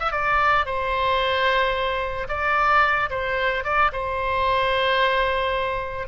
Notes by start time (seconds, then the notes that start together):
0.00 E5
0.12 D5
0.66 C5
2.29 D5
3.10 C5
3.65 D5
3.93 C5